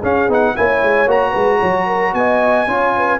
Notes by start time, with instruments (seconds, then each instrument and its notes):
0.00 tuba C#4, trombone C#4, horn G#4, trumpet F5
0.28 tuba B3, trombone D#4, trumpet F#5
0.55 tuba A#3, trombone E4, horn C#5, trumpet G#5
0.82 tuba G#3
1.06 tuba A#3, trombone F#4, trumpet A#5
1.30 tuba G#3, horn B4
1.59 tuba F#3, horn C#5
1.86 horn A#4
2.13 tuba B3, horn D#5, trumpet G#5
2.67 tuba C#4, trombone F4, horn C#5
2.96 horn B4